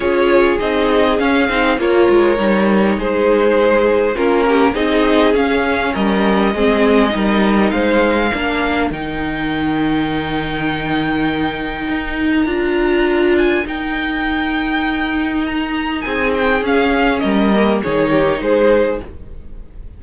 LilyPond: <<
  \new Staff \with { instrumentName = "violin" } { \time 4/4 \tempo 4 = 101 cis''4 dis''4 f''4 cis''4~ | cis''4 c''2 ais'4 | dis''4 f''4 dis''2~ | dis''4 f''2 g''4~ |
g''1~ | g''8. ais''4.~ ais''16 gis''8 g''4~ | g''2 ais''4 gis''8 g''8 | f''4 dis''4 cis''4 c''4 | }
  \new Staff \with { instrumentName = "violin" } { \time 4/4 gis'2. ais'4~ | ais'4 gis'2 f'8 g'8 | gis'2 ais'4 gis'4 | ais'4 c''4 ais'2~ |
ais'1~ | ais'1~ | ais'2. gis'4~ | gis'4 ais'4 gis'8 g'8 gis'4 | }
  \new Staff \with { instrumentName = "viola" } { \time 4/4 f'4 dis'4 cis'8 dis'8 f'4 | dis'2. cis'4 | dis'4 cis'2 c'4 | dis'2 d'4 dis'4~ |
dis'1~ | dis'4 f'2 dis'4~ | dis'1 | cis'4. ais8 dis'2 | }
  \new Staff \with { instrumentName = "cello" } { \time 4/4 cis'4 c'4 cis'8 c'8 ais8 gis8 | g4 gis2 ais4 | c'4 cis'4 g4 gis4 | g4 gis4 ais4 dis4~ |
dis1 | dis'4 d'2 dis'4~ | dis'2. c'4 | cis'4 g4 dis4 gis4 | }
>>